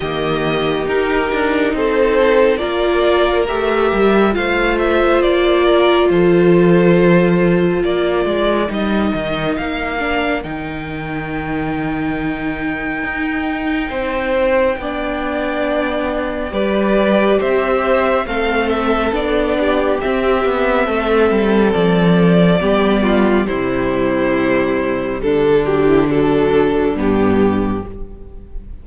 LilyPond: <<
  \new Staff \with { instrumentName = "violin" } { \time 4/4 \tempo 4 = 69 dis''4 ais'4 c''4 d''4 | e''4 f''8 e''8 d''4 c''4~ | c''4 d''4 dis''4 f''4 | g''1~ |
g''2. d''4 | e''4 f''8 e''8 d''4 e''4~ | e''4 d''2 c''4~ | c''4 a'8 g'8 a'4 g'4 | }
  \new Staff \with { instrumentName = "violin" } { \time 4/4 g'2 a'4 ais'4~ | ais'4 c''4. ais'8 a'4~ | a'4 ais'2.~ | ais'1 |
c''4 d''2 b'4 | c''4 a'4. g'4. | a'2 g'8 f'8 e'4~ | e'4 d'2. | }
  \new Staff \with { instrumentName = "viola" } { \time 4/4 ais4 dis'2 f'4 | g'4 f'2.~ | f'2 dis'4. d'8 | dis'1~ |
dis'4 d'2 g'4~ | g'4 c'4 d'4 c'4~ | c'2 b4 g4~ | g4. fis16 e16 fis4 b4 | }
  \new Staff \with { instrumentName = "cello" } { \time 4/4 dis4 dis'8 d'8 c'4 ais4 | a8 g8 a4 ais4 f4~ | f4 ais8 gis8 g8 dis8 ais4 | dis2. dis'4 |
c'4 b2 g4 | c'4 a4 b4 c'8 b8 | a8 g8 f4 g4 c4~ | c4 d2 g,4 | }
>>